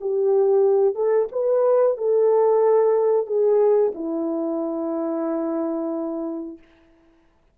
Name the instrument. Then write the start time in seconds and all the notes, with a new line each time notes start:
horn
0.00 G4
0.95 A4
1.31 B4
1.97 A4
3.26 G#4
3.94 E4